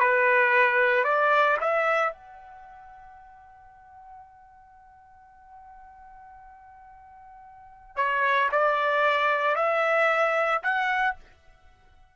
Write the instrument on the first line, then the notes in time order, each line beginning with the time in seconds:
trumpet
0.00 B4
1.04 D5
1.61 E5
2.13 F#5
7.96 C#5
8.52 D5
9.56 E5
10.63 F#5